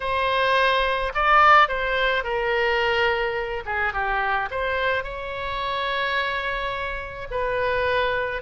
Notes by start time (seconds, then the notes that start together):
0.00 C5
1.14 D5
1.68 C5
2.23 A#4
3.65 G#4
3.93 G4
4.50 C5
5.03 C#5
7.30 B4